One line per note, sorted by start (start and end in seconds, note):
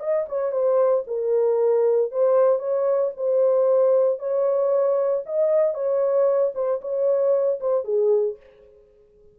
0.00 0.26 D#5
0.29 0.52 C#5
0.52 1.04 C5
1.08 2.12 A#4
2.12 2.59 C5
2.59 3.12 C#5
3.17 4.20 C5
4.20 5.24 C#5
5.26 5.75 D#5
5.75 6.53 C#5
6.55 6.81 C5
6.82 7.60 C#5
7.61 7.85 C5
7.85 8.37 G#4